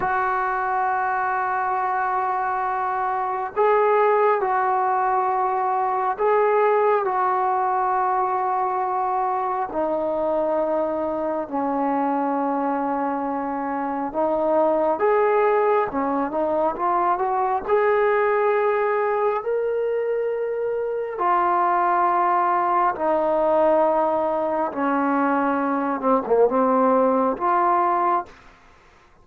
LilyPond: \new Staff \with { instrumentName = "trombone" } { \time 4/4 \tempo 4 = 68 fis'1 | gis'4 fis'2 gis'4 | fis'2. dis'4~ | dis'4 cis'2. |
dis'4 gis'4 cis'8 dis'8 f'8 fis'8 | gis'2 ais'2 | f'2 dis'2 | cis'4. c'16 ais16 c'4 f'4 | }